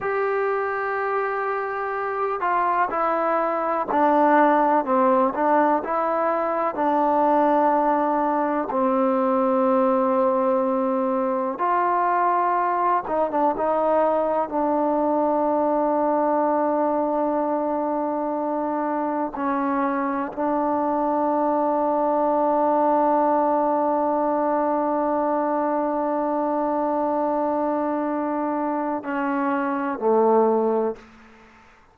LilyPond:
\new Staff \with { instrumentName = "trombone" } { \time 4/4 \tempo 4 = 62 g'2~ g'8 f'8 e'4 | d'4 c'8 d'8 e'4 d'4~ | d'4 c'2. | f'4. dis'16 d'16 dis'4 d'4~ |
d'1 | cis'4 d'2.~ | d'1~ | d'2 cis'4 a4 | }